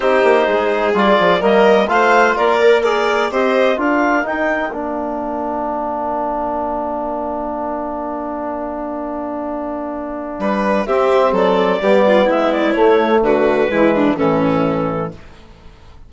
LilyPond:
<<
  \new Staff \with { instrumentName = "clarinet" } { \time 4/4 \tempo 4 = 127 c''2 d''4 dis''4 | f''4 d''4 ais'4 dis''4 | f''4 g''4 f''2~ | f''1~ |
f''1~ | f''2. e''4 | d''2 e''8 d''8 cis''4 | b'2 a'2 | }
  \new Staff \with { instrumentName = "violin" } { \time 4/4 g'4 gis'2 ais'4 | c''4 ais'4 d''4 c''4 | ais'1~ | ais'1~ |
ais'1~ | ais'2 b'4 g'4 | a'4 g'8 f'8 e'2 | fis'4 e'8 d'8 cis'2 | }
  \new Staff \with { instrumentName = "trombone" } { \time 4/4 dis'2 f'4 ais4 | f'4. ais'8 gis'4 g'4 | f'4 dis'4 d'2~ | d'1~ |
d'1~ | d'2. c'4~ | c'4 b2 a4~ | a4 gis4 e2 | }
  \new Staff \with { instrumentName = "bassoon" } { \time 4/4 c'8 ais8 gis4 g8 f8 g4 | a4 ais2 c'4 | d'4 dis'4 ais2~ | ais1~ |
ais1~ | ais2 g4 c'4 | fis4 g4 gis4 a4 | d4 e4 a,2 | }
>>